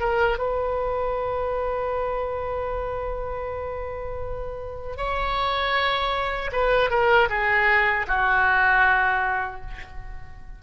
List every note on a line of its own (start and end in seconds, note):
0.00 0.38 A#4
0.38 4.97 B4
4.97 6.51 C#5
6.52 6.91 B4
6.91 7.29 A#4
7.29 8.06 G#4
8.07 9.61 F#4